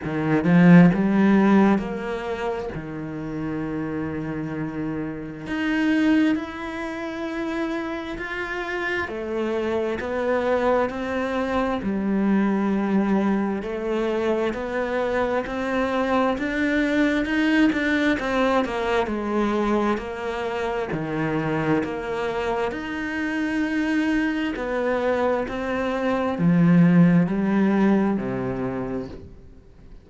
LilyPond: \new Staff \with { instrumentName = "cello" } { \time 4/4 \tempo 4 = 66 dis8 f8 g4 ais4 dis4~ | dis2 dis'4 e'4~ | e'4 f'4 a4 b4 | c'4 g2 a4 |
b4 c'4 d'4 dis'8 d'8 | c'8 ais8 gis4 ais4 dis4 | ais4 dis'2 b4 | c'4 f4 g4 c4 | }